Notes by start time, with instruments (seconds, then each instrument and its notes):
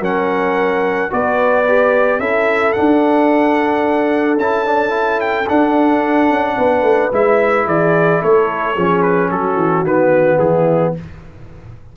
0.00 tuba F#3, trombone C#4, horn A#4, trumpet F#5
1.10 tuba B3, trombone F#4, horn B4, trumpet D5
1.67 trombone G4
2.19 tuba C#4, trombone E4, horn A4, trumpet E5
2.72 trombone D4, trumpet F#5
2.79 tuba D4
4.37 tuba C#4, trombone E4, trumpet A5
4.65 trombone D4
4.89 trombone E4
5.20 trumpet G5
5.48 trombone D4, tuba D4, trumpet F#5
6.30 tuba C#4
6.57 tuba B3, horn B4
6.82 tuba A3
7.12 tuba G#3, trombone E4, trumpet E5
7.66 tuba E3, horn G#4, trumpet D5
8.20 tuba A3, horn A4, trumpet C#5
8.75 tuba F3, trombone C#4, horn G#4
9.02 trumpet B4
9.29 tuba F#3, horn F#4, trumpet A4
9.56 tuba E3
9.82 tuba D#3, trombone B3, trumpet B4
10.38 tuba E3, horn E4, trumpet G#4